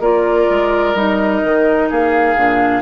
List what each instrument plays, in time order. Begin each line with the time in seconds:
0.00 bassoon A#3, clarinet F4, oboe A#4, flute D5
0.50 bassoon G#3
0.95 bassoon G3, clarinet D#4, flute D#5
1.45 bassoon D#3
1.90 bassoon A#3, oboe G#4, flute F5
2.37 bassoon A#2, clarinet D4